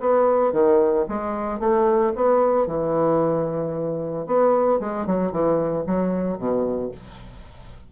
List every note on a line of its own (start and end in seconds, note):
0.00 0.53 B3
0.53 1.06 D#3
1.09 1.60 G#3
1.60 2.13 A3
2.16 2.67 B3
2.67 4.26 E3
4.27 4.80 B3
4.80 5.06 G#3
5.06 5.32 F#3
5.32 5.85 E3
5.87 6.38 F#3
6.38 6.91 B2